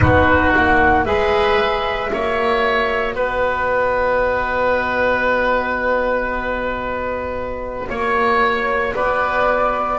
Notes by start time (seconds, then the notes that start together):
0.00 B3 D#4 F#4 B4
0.55 A#3 F#5
1.05 G#3 G#4 B4 E5
2.07 A#3 F#4 C#5
3.14 B3 B4 D#5
7.88 A#3 C#5
8.95 B3 B4 D5